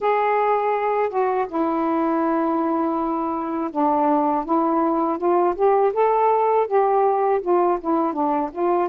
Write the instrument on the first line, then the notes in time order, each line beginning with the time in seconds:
saxophone
0.00 G#4
1.09 F#4
1.48 E4
3.71 D4
4.45 E4
5.18 F4
5.55 G4
5.93 A4
6.67 G4
7.41 F4
7.80 E4
8.13 D4
8.52 F4